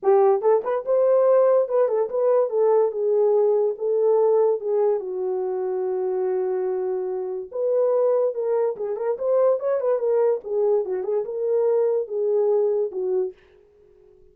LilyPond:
\new Staff \with { instrumentName = "horn" } { \time 4/4 \tempo 4 = 144 g'4 a'8 b'8 c''2 | b'8 a'8 b'4 a'4 gis'4~ | gis'4 a'2 gis'4 | fis'1~ |
fis'2 b'2 | ais'4 gis'8 ais'8 c''4 cis''8 b'8 | ais'4 gis'4 fis'8 gis'8 ais'4~ | ais'4 gis'2 fis'4 | }